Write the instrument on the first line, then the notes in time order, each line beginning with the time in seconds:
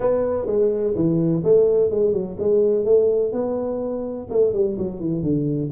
tuba
0.00 B3
0.46 G#3
0.95 E3
1.44 A3
1.90 G#3
2.12 F#3
2.39 G#3
2.84 A3
3.32 B3
4.30 A3
4.53 G3
4.77 F#3
5.00 E3
5.23 D3